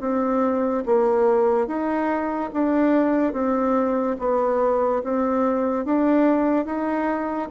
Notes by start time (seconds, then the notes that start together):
0.00 C4
0.85 A#3
1.67 D#4
2.53 D4
3.33 C4
4.19 B3
5.03 C4
5.85 D4
6.65 D#4